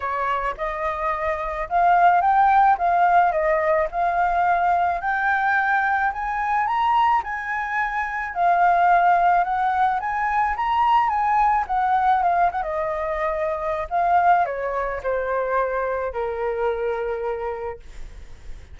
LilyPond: \new Staff \with { instrumentName = "flute" } { \time 4/4 \tempo 4 = 108 cis''4 dis''2 f''4 | g''4 f''4 dis''4 f''4~ | f''4 g''2 gis''4 | ais''4 gis''2 f''4~ |
f''4 fis''4 gis''4 ais''4 | gis''4 fis''4 f''8 fis''16 dis''4~ dis''16~ | dis''4 f''4 cis''4 c''4~ | c''4 ais'2. | }